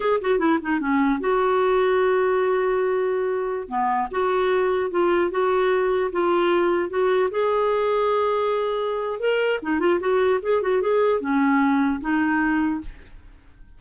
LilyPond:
\new Staff \with { instrumentName = "clarinet" } { \time 4/4 \tempo 4 = 150 gis'8 fis'8 e'8 dis'8 cis'4 fis'4~ | fis'1~ | fis'4~ fis'16 b4 fis'4.~ fis'16~ | fis'16 f'4 fis'2 f'8.~ |
f'4~ f'16 fis'4 gis'4.~ gis'16~ | gis'2. ais'4 | dis'8 f'8 fis'4 gis'8 fis'8 gis'4 | cis'2 dis'2 | }